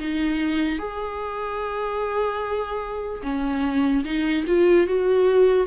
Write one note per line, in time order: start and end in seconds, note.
0.00 0.79 D#4
0.79 3.22 G#4
3.24 4.05 C#4
4.05 4.46 D#4
4.47 4.87 F4
4.87 5.67 F#4